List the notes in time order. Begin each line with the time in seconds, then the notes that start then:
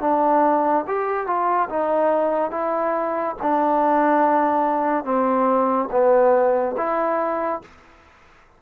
0.00 D4
0.86 G4
1.26 F4
1.69 D#4
2.50 E4
3.41 D4
5.04 C4
5.91 B3
6.77 E4